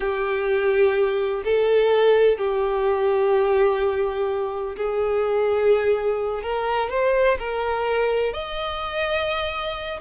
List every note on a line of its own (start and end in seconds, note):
0.00 1.43 G4
1.44 2.38 A4
2.38 4.76 G4
4.76 6.42 G#4
6.42 6.90 A#4
6.90 7.37 C5
7.39 8.33 A#4
8.33 10.00 D#5